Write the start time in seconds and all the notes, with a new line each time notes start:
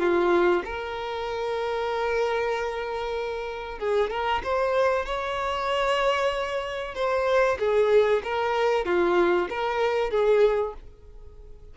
0.00 F4
0.65 A#4
3.79 G#4
4.11 A#4
4.44 C5
5.06 C#5
6.95 C5
7.59 G#4
8.24 A#4
8.86 F4
9.50 A#4
10.11 G#4